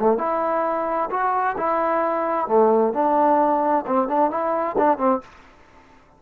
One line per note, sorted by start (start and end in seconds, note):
0.00 0.18 A3
0.18 1.10 E4
1.11 1.57 F#4
1.58 2.48 E4
2.48 2.94 A3
2.94 3.86 D4
3.87 4.08 C4
4.08 4.31 D4
4.31 4.77 E4
4.78 4.98 D4
4.98 5.21 C4